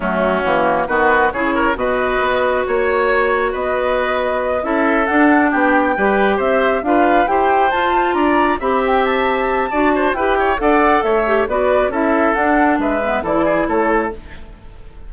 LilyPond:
<<
  \new Staff \with { instrumentName = "flute" } { \time 4/4 \tempo 4 = 136 fis'2 b'4 cis''4 | dis''2 cis''2 | dis''2~ dis''8 e''4 fis''8~ | fis''8 g''2 e''4 f''8~ |
f''8 g''4 a''4 ais''4 b''8 | g''8 a''2~ a''8 g''4 | fis''4 e''4 d''4 e''4 | fis''4 e''4 d''4 cis''4 | }
  \new Staff \with { instrumentName = "oboe" } { \time 4/4 cis'2 fis'4 gis'8 ais'8 | b'2 cis''2 | b'2~ b'8 a'4.~ | a'8 g'4 b'4 c''4 b'8~ |
b'8 c''2 d''4 e''8~ | e''2 d''8 c''8 b'8 cis''8 | d''4 cis''4 b'4 a'4~ | a'4 b'4 a'8 gis'8 a'4 | }
  \new Staff \with { instrumentName = "clarinet" } { \time 4/4 a4 ais4 b4 e'4 | fis'1~ | fis'2~ fis'8 e'4 d'8~ | d'4. g'2 f'8~ |
f'8 g'4 f'2 g'8~ | g'2 fis'4 g'4 | a'4. g'8 fis'4 e'4 | d'4. b8 e'2 | }
  \new Staff \with { instrumentName = "bassoon" } { \time 4/4 fis4 e4 dis4 cis4 | b,4 b4 ais2 | b2~ b8 cis'4 d'8~ | d'8 b4 g4 c'4 d'8~ |
d'8 e'4 f'4 d'4 c'8~ | c'2 d'4 e'4 | d'4 a4 b4 cis'4 | d'4 gis4 e4 a4 | }
>>